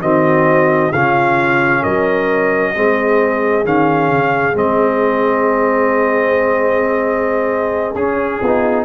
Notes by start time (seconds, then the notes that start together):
0.00 D#3 C4 F#4 D#5
0.92 C#3 C#4 F4 F5
1.81 F#3 A#4 D#5
2.74 G#3 C4 G#4
3.64 D#3 C#4 F5
4.10 C#3
4.54 G#3 C4 D#5
7.95 C#4 G#4
8.40 B3 D#4 F4